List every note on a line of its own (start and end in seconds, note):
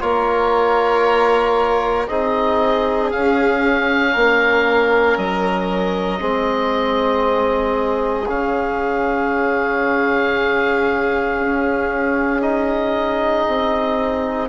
0.00 2.08 A#3
0.00 2.07 F4
0.00 2.09 A#4
0.00 2.07 C#5
2.07 3.12 C4
2.07 3.11 D#4
2.07 4.12 G#4
2.07 3.11 D#5
3.11 6.19 C#4
3.11 4.16 C#4
3.11 5.18 F5
4.12 5.17 A#3
4.12 6.19 A#4
5.17 6.21 F#3
5.17 8.28 D#5
6.19 8.29 G#3
6.19 8.26 C4
6.19 14.48 G#4
8.28 11.39 C#3
8.28 12.41 C#4
8.28 12.42 F5
11.39 13.46 C#4
12.41 14.48 D#4
12.41 14.48 D#5
13.47 14.49 C4